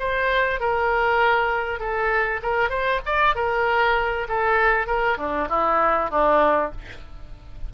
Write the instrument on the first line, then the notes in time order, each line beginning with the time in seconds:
oboe
0.00 C5
0.60 A#4
1.80 A4
2.42 A#4
2.70 C5
3.06 D5
3.36 A#4
4.29 A4
4.87 A#4
5.18 D4
5.49 E4
6.11 D4